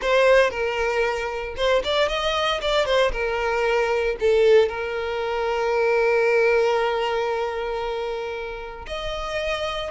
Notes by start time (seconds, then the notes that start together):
0.01 C5
0.50 A#4
1.56 C5
1.84 D5
2.08 D#5
2.61 D5
2.85 C5
3.12 A#4
4.20 A4
4.68 A#4
8.86 D#5